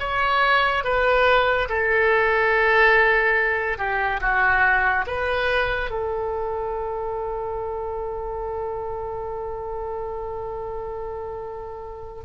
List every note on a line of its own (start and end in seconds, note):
0.00 0.84 C#5
0.84 1.69 B4
1.69 3.78 A4
3.78 4.21 G4
4.21 5.06 F#4
5.07 5.91 B4
5.91 12.25 A4